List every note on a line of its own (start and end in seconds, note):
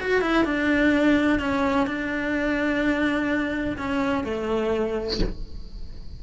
0.00 0.21 F#4
0.21 0.45 E4
0.45 1.39 D4
1.39 1.87 C#4
1.87 3.77 D4
3.78 4.24 C#4
4.24 5.19 A3